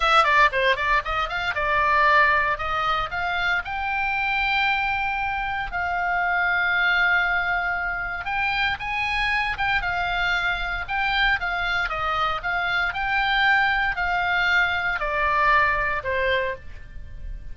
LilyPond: \new Staff \with { instrumentName = "oboe" } { \time 4/4 \tempo 4 = 116 e''8 d''8 c''8 d''8 dis''8 f''8 d''4~ | d''4 dis''4 f''4 g''4~ | g''2. f''4~ | f''1 |
g''4 gis''4. g''8 f''4~ | f''4 g''4 f''4 dis''4 | f''4 g''2 f''4~ | f''4 d''2 c''4 | }